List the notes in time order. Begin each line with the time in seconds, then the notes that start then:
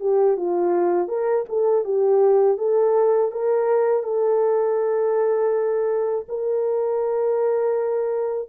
0.00 G4
0.37 F4
1.08 A#4
1.48 A4
1.84 G4
2.58 A4
3.32 A#4
4.03 A4
6.28 A#4